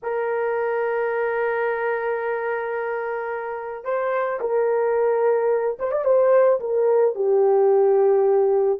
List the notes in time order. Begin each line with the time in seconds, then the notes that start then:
0.02 A#4
3.84 C5
4.40 A#4
5.79 C5
5.91 D5
6.04 C5
6.60 A#4
7.15 G4